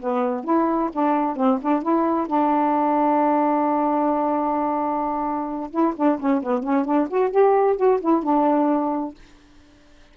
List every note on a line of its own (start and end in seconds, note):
0.00 0.44 B3
0.44 0.90 E4
0.92 1.36 D4
1.36 1.59 C4
1.62 1.82 D4
1.82 2.27 E4
2.27 5.70 D4
5.71 5.94 E4
5.96 6.19 D4
6.19 6.42 C#4
6.42 6.63 B3
6.63 6.85 C#4
6.85 7.08 D4
7.10 7.31 F#4
7.31 7.76 G4
7.77 8.00 F#4
8.00 8.23 E4
8.23 9.15 D4